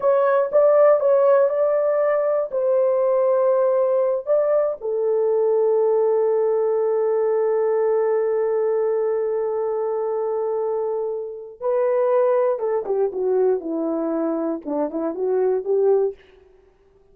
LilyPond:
\new Staff \with { instrumentName = "horn" } { \time 4/4 \tempo 4 = 119 cis''4 d''4 cis''4 d''4~ | d''4 c''2.~ | c''8 d''4 a'2~ a'8~ | a'1~ |
a'1~ | a'2. b'4~ | b'4 a'8 g'8 fis'4 e'4~ | e'4 d'8 e'8 fis'4 g'4 | }